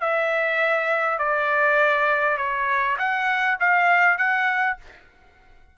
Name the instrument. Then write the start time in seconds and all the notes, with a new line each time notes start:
trumpet
0.00 E5
1.19 D5
2.37 C#5
2.98 F#5
3.60 F5
4.18 F#5